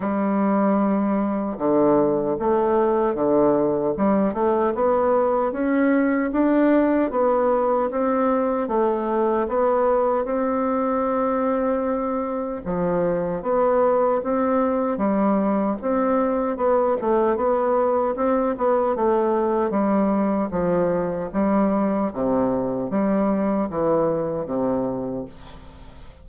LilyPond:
\new Staff \with { instrumentName = "bassoon" } { \time 4/4 \tempo 4 = 76 g2 d4 a4 | d4 g8 a8 b4 cis'4 | d'4 b4 c'4 a4 | b4 c'2. |
f4 b4 c'4 g4 | c'4 b8 a8 b4 c'8 b8 | a4 g4 f4 g4 | c4 g4 e4 c4 | }